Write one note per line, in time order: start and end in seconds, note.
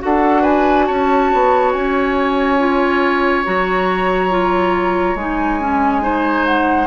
0.00 0.90 D4
0.00 2.57 F#4
0.00 0.42 A4
0.00 0.43 F#5
0.42 0.85 B4
0.42 0.86 G#5
0.86 1.32 C#4
0.86 6.02 C#5
0.86 1.72 A5
1.33 1.74 B3
1.73 3.46 C#4
1.73 3.44 G#5
2.59 3.44 F4
3.45 5.15 F#3
3.45 4.31 F#4
3.45 5.16 A#5
4.31 5.16 F4
5.15 6.87 G#3
5.15 5.60 D#4
5.15 6.45 G#5
5.60 6.02 C#4
6.02 6.87 D#4
6.02 6.87 C5
6.46 6.87 F#5